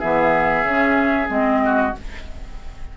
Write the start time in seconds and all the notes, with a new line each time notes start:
0.00 E3 B3 G#4 E5
0.63 C#3 C#4
1.28 G#3 C4 D#5
1.65 F#4